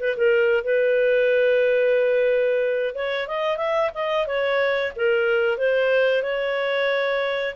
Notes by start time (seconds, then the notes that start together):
0.00 B4
0.17 A#4
0.64 B4
2.95 C#5
3.28 D#5
3.58 E5
3.95 D#5
4.27 C#5
4.96 A#4
5.58 C5
6.23 C#5